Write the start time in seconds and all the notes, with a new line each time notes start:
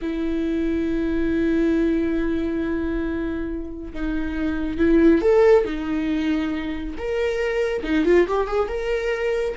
0.01 E4
3.93 D#4
4.78 E4
5.21 A4
5.64 D#4
6.98 A#4
7.83 D#4
8.05 F4
8.27 G4
8.47 G#4
8.67 A#4